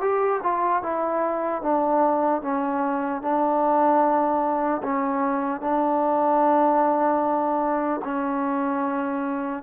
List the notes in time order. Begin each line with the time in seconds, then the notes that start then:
0.00 G4
0.43 F4
0.82 E4
1.62 D4
2.41 C#4
3.21 D4
4.83 C#4
5.61 D4
8.04 C#4